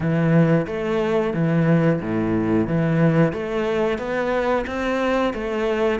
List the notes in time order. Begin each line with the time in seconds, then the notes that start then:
0.00 E3
0.66 A3
1.33 E3
2.01 A2
2.67 E3
3.32 A3
3.98 B3
4.67 C4
5.33 A3